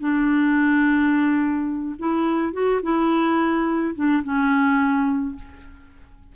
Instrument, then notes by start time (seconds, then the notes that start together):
clarinet
0.00 D4
1.99 E4
2.53 F#4
2.83 E4
3.96 D4
4.24 C#4